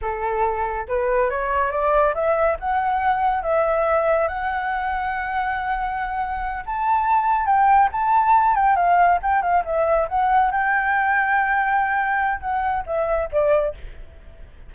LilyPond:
\new Staff \with { instrumentName = "flute" } { \time 4/4 \tempo 4 = 140 a'2 b'4 cis''4 | d''4 e''4 fis''2 | e''2 fis''2~ | fis''2.~ fis''8 a''8~ |
a''4. g''4 a''4. | g''8 f''4 g''8 f''8 e''4 fis''8~ | fis''8 g''2.~ g''8~ | g''4 fis''4 e''4 d''4 | }